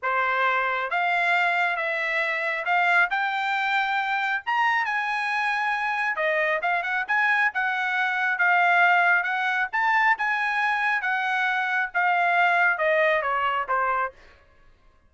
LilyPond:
\new Staff \with { instrumentName = "trumpet" } { \time 4/4 \tempo 4 = 136 c''2 f''2 | e''2 f''4 g''4~ | g''2 ais''4 gis''4~ | gis''2 dis''4 f''8 fis''8 |
gis''4 fis''2 f''4~ | f''4 fis''4 a''4 gis''4~ | gis''4 fis''2 f''4~ | f''4 dis''4 cis''4 c''4 | }